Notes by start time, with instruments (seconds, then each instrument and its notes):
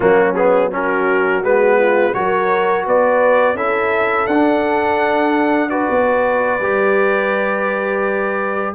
0.00 tuba F#3, trombone A#3, horn C#4, trumpet F#4
0.35 trombone B3, trumpet G#4
0.71 trombone C#4, horn F#4, trumpet A#4
1.42 tuba G#3, trombone B3, trumpet B4
1.78 horn F4
2.13 tuba F#3, trombone F#4, horn A#4, trumpet C#5
2.85 tuba B3, horn B4, trumpet D5
3.54 tuba C#4, trombone E4, horn A4, trumpet E5
4.26 tuba D4, trombone D4, trumpet F#5
5.69 trombone F#4, horn B4, trumpet D5
5.90 tuba B3
6.59 tuba G3, trombone G4